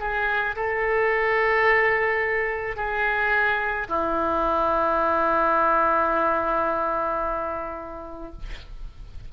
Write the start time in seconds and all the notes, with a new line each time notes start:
0.00 G#4
0.56 A4
2.77 G#4
3.88 E4